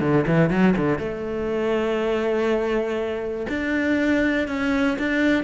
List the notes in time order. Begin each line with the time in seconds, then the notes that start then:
0.00 D3
0.26 E3
0.49 F#3
0.76 D3
0.98 A3
3.49 D4
4.48 C#4
4.98 D4